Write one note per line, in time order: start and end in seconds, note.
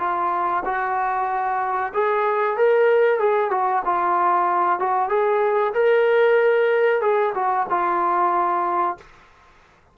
0.00 0.64 F4
0.65 1.93 F#4
1.94 2.57 G#4
2.57 3.20 A#4
3.20 3.51 G#4
3.51 3.83 F#4
3.86 4.80 F4
4.80 5.09 F#4
5.09 5.73 G#4
5.74 7.02 A#4
7.02 7.34 G#4
7.35 7.67 F#4
7.70 8.98 F4